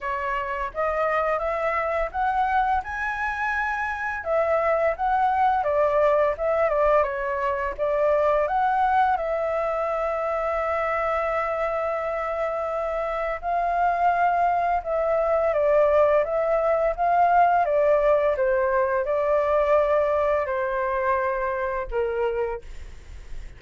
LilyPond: \new Staff \with { instrumentName = "flute" } { \time 4/4 \tempo 4 = 85 cis''4 dis''4 e''4 fis''4 | gis''2 e''4 fis''4 | d''4 e''8 d''8 cis''4 d''4 | fis''4 e''2.~ |
e''2. f''4~ | f''4 e''4 d''4 e''4 | f''4 d''4 c''4 d''4~ | d''4 c''2 ais'4 | }